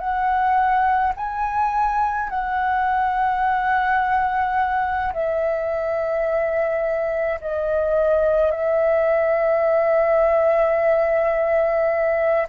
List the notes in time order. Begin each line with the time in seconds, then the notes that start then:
0.00 F#5
1.16 G#5
2.30 F#5
5.14 E5
7.41 D#5
8.51 E5